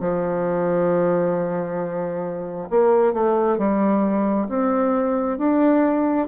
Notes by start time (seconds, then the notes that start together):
0.00 F3
2.70 A#3
3.13 A3
3.58 G3
4.49 C4
5.38 D4